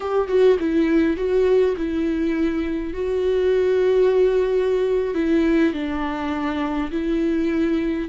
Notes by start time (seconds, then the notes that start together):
0.00 G4
0.28 F#4
0.59 E4
1.16 F#4
1.76 E4
2.93 F#4
5.14 E4
5.73 D4
6.91 E4